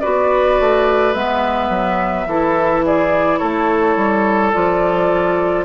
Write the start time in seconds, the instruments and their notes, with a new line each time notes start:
0.00 bassoon B3, clarinet F#4, oboe B4, flute D5
0.60 bassoon A3
1.13 bassoon G#3, clarinet B3, flute E5
1.69 bassoon F#3
2.26 bassoon E3, clarinet E4, oboe A4
2.85 oboe G#4, flute D5
3.38 bassoon A3, oboe A4, flute C#5
3.96 bassoon G3
4.52 bassoon F3, clarinet F4, flute D5